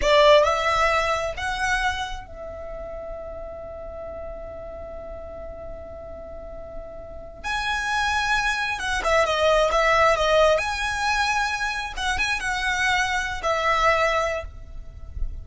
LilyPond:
\new Staff \with { instrumentName = "violin" } { \time 4/4 \tempo 4 = 133 d''4 e''2 fis''4~ | fis''4 e''2.~ | e''1~ | e''1~ |
e''8 gis''2. fis''8 | e''8 dis''4 e''4 dis''4 gis''8~ | gis''2~ gis''8 fis''8 gis''8 fis''8~ | fis''4.~ fis''16 e''2~ e''16 | }